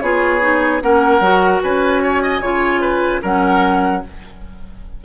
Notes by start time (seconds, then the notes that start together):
0.00 B3 F4 G#4 C#5
0.40 D#4
0.81 A#3 C#4 A#4 F#5
1.20 F#3 F#4
1.62 C#4 B4 G#5
2.02 C#5
2.22 D#5
2.40 C#3 F4 C#5
2.80 B4
3.22 F#3 C#4 A#4 F#5